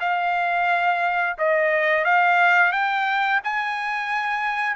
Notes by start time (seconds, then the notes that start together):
0.00 F5
1.38 D#5
2.04 F5
2.72 G5
3.44 G#5